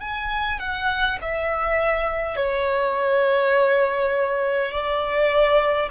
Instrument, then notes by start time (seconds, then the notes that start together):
violin
0.00 G#5
0.59 F#5
1.21 E5
2.36 C#5
4.71 D5